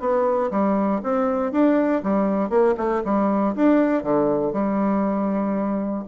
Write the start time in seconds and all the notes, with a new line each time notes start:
0.00 B3
0.51 G3
1.03 C4
1.52 D4
2.03 G3
2.50 A#3
2.77 A3
3.05 G3
3.56 D4
4.03 D3
4.53 G3